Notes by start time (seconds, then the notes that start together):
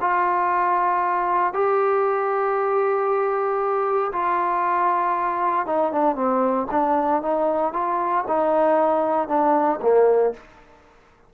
0.00 F4
1.53 G4
4.12 F4
5.66 D#4
5.92 D4
6.15 C4
6.71 D4
7.22 D#4
7.73 F4
8.27 D#4
9.28 D4
9.81 A#3